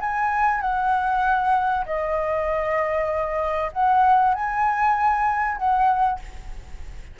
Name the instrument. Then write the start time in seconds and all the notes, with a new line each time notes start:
flute
0.00 G#5
0.61 F#5
1.86 D#5
3.72 F#5
4.34 G#5
5.57 F#5